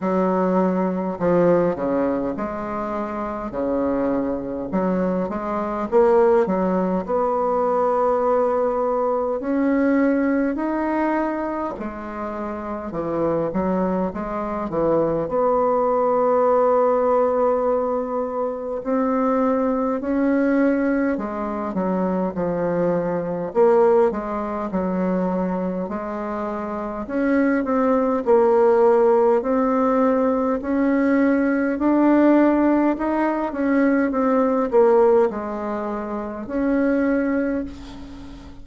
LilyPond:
\new Staff \with { instrumentName = "bassoon" } { \time 4/4 \tempo 4 = 51 fis4 f8 cis8 gis4 cis4 | fis8 gis8 ais8 fis8 b2 | cis'4 dis'4 gis4 e8 fis8 | gis8 e8 b2. |
c'4 cis'4 gis8 fis8 f4 | ais8 gis8 fis4 gis4 cis'8 c'8 | ais4 c'4 cis'4 d'4 | dis'8 cis'8 c'8 ais8 gis4 cis'4 | }